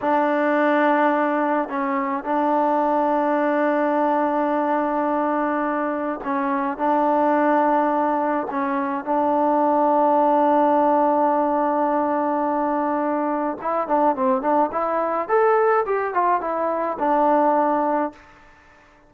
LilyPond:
\new Staff \with { instrumentName = "trombone" } { \time 4/4 \tempo 4 = 106 d'2. cis'4 | d'1~ | d'2. cis'4 | d'2. cis'4 |
d'1~ | d'1 | e'8 d'8 c'8 d'8 e'4 a'4 | g'8 f'8 e'4 d'2 | }